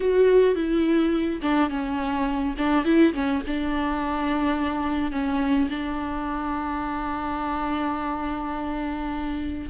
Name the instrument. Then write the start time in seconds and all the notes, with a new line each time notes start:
viola
0.00 F#4
0.55 E4
1.42 D4
1.69 C#4
2.57 D4
2.84 E4
3.13 C#4
3.46 D4
5.11 C#4
5.70 D4